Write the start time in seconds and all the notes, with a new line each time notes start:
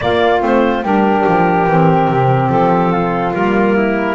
0.00 A#3 F4 D5
0.40 A3 C4 C5
0.82 G3 D4 G4 A#4
1.27 F3
1.66 E3 C4
2.07 C3
2.48 F3 A4
2.92 F4
3.33 G3 A#3 A#4
3.76 E4